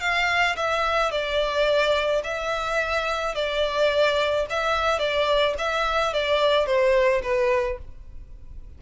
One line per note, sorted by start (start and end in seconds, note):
0.00 0.56 F5
0.56 1.11 E5
1.11 2.22 D5
2.23 3.35 E5
3.35 4.46 D5
4.49 4.99 E5
4.99 5.54 D5
5.58 6.13 E5
6.13 6.66 D5
6.66 7.21 C5
7.22 7.78 B4